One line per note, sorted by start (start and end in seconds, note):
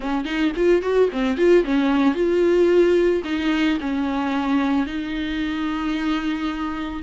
0.00 0.24 C#4
0.24 0.51 D#4
0.56 0.82 F4
0.82 1.09 F#4
1.12 1.37 C4
1.37 1.64 F4
1.64 2.14 C#4
2.14 3.22 F4
3.24 3.78 D#4
3.80 4.86 C#4
4.86 7.02 D#4